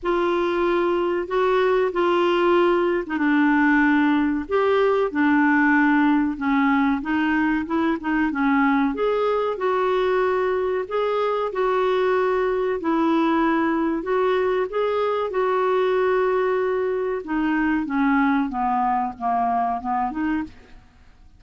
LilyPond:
\new Staff \with { instrumentName = "clarinet" } { \time 4/4 \tempo 4 = 94 f'2 fis'4 f'4~ | f'8. dis'16 d'2 g'4 | d'2 cis'4 dis'4 | e'8 dis'8 cis'4 gis'4 fis'4~ |
fis'4 gis'4 fis'2 | e'2 fis'4 gis'4 | fis'2. dis'4 | cis'4 b4 ais4 b8 dis'8 | }